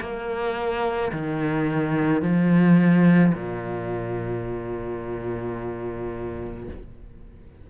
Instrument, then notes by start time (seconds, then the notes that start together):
cello
0.00 A#3
1.12 D#3
2.22 F3
3.34 A#2